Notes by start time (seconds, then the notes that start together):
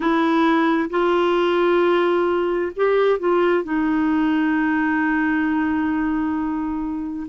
0.00 E4
0.90 F4
2.76 G4
3.19 F4
3.63 D#4